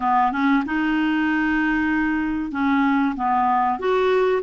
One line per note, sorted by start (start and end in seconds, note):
0.00 0.32 B3
0.32 0.63 C#4
0.65 2.51 D#4
2.51 3.14 C#4
3.16 3.79 B3
3.79 4.42 F#4